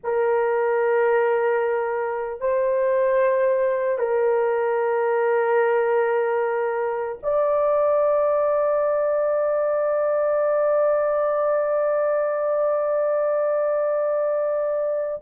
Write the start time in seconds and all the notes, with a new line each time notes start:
0.03 A#4
2.40 C5
3.98 A#4
7.22 D5